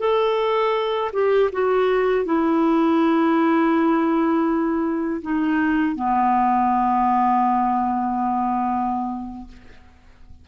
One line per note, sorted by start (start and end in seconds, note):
0.00 1.11 A4
1.13 1.50 G4
1.52 2.25 F#4
2.25 5.21 E4
5.22 5.95 D#4
5.95 9.47 B3